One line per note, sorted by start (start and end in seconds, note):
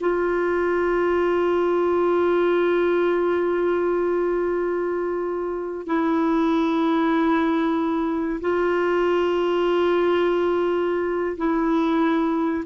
0.00 5.86 F4
5.86 8.40 E4
8.40 11.36 F4
11.37 12.64 E4